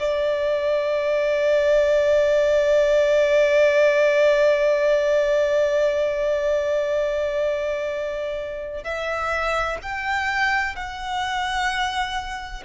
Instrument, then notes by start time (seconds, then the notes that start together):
violin
0.00 D5
8.84 E5
9.83 G5
10.76 F#5